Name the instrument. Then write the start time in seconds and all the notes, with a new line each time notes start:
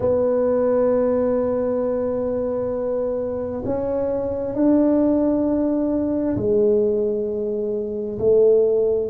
tuba
0.00 B3
3.65 C#4
4.55 D4
6.36 G#3
8.19 A3